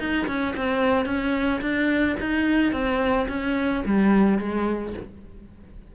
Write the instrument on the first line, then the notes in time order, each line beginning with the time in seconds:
cello
0.00 D#4
0.28 C#4
0.57 C4
1.06 C#4
1.62 D4
2.21 D#4
2.73 C4
3.29 C#4
3.86 G3
4.39 G#3